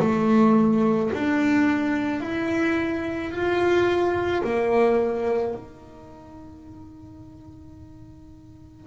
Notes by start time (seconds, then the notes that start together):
0.00 A3
1.14 D4
2.21 E4
3.31 F4
4.44 A#3
5.55 D#4